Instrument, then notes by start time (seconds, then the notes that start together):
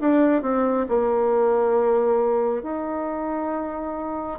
bassoon
0.00 D4
0.42 C4
0.89 A#3
2.63 D#4